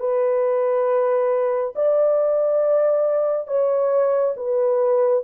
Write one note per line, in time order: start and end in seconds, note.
0.00 1.74 B4
1.75 3.47 D5
3.47 4.34 C#5
4.37 5.24 B4